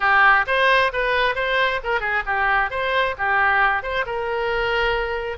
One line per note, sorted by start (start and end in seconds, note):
0.00 0.45 G4
0.46 0.91 C5
0.92 1.35 B4
1.35 1.80 C5
1.83 2.00 A#4
2.00 2.23 G#4
2.26 2.70 G4
2.70 3.15 C5
3.18 3.82 G4
3.82 4.05 C5
4.06 5.37 A#4